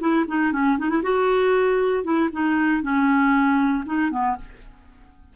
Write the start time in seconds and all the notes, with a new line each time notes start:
0.00 E4
0.28 D#4
0.53 C#4
0.78 D#4
0.90 E4
1.03 F#4
2.04 E4
2.33 D#4
2.82 C#4
3.86 D#4
4.11 B3